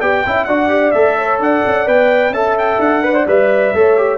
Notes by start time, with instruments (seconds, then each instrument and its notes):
0.00 tuba B3, trombone G4, horn D5, trumpet G5
0.27 tuba C#4, trombone E4, horn E5
0.45 tuba D4, trombone F#4, horn D5, trumpet F#5
0.69 trombone G4
0.91 tuba A3, trombone A4, trumpet E5
1.18 horn C#5
1.40 tuba D4, horn D5, trumpet F#5
1.67 tuba C#4
1.87 tuba B3, trombone B4, trumpet G5
2.30 tuba C#4, trombone A4, horn E5, trumpet A5
2.59 trumpet G5
2.79 tuba D4, trumpet F#5
3.03 trombone B4, horn D5
3.15 trombone C5
3.27 tuba G3, trombone B4, trumpet E5
3.75 tuba A3, trombone A4, horn C#5
3.97 trombone G4